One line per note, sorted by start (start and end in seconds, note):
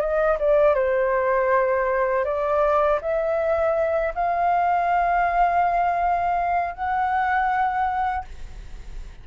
0.00 0.38 D#5
0.39 0.74 D5
0.74 2.24 C5
2.25 3.00 D5
3.01 4.14 E5
4.15 6.75 F5
6.75 8.25 F#5